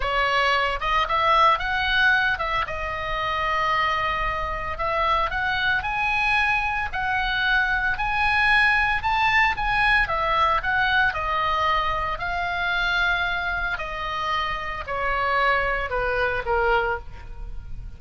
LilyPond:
\new Staff \with { instrumentName = "oboe" } { \time 4/4 \tempo 4 = 113 cis''4. dis''8 e''4 fis''4~ | fis''8 e''8 dis''2.~ | dis''4 e''4 fis''4 gis''4~ | gis''4 fis''2 gis''4~ |
gis''4 a''4 gis''4 e''4 | fis''4 dis''2 f''4~ | f''2 dis''2 | cis''2 b'4 ais'4 | }